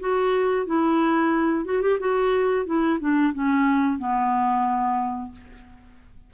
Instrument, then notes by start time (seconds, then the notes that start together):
clarinet
0.00 F#4
0.66 E4
1.65 F#4
1.82 G4
1.99 F#4
2.66 E4
3.00 D4
3.33 C#4
3.98 B3